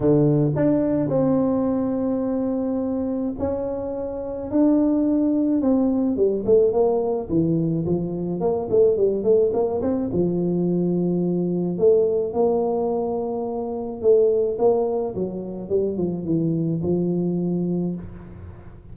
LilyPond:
\new Staff \with { instrumentName = "tuba" } { \time 4/4 \tempo 4 = 107 d4 d'4 c'2~ | c'2 cis'2 | d'2 c'4 g8 a8 | ais4 e4 f4 ais8 a8 |
g8 a8 ais8 c'8 f2~ | f4 a4 ais2~ | ais4 a4 ais4 fis4 | g8 f8 e4 f2 | }